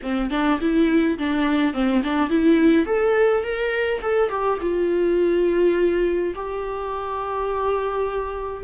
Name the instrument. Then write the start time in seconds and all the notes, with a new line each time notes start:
viola
0.02 C4
0.30 D4
0.60 E4
1.18 D4
1.73 C4
2.03 D4
2.29 E4
2.86 A4
3.43 A#4
4.01 A4
4.29 G4
4.61 F4
6.35 G4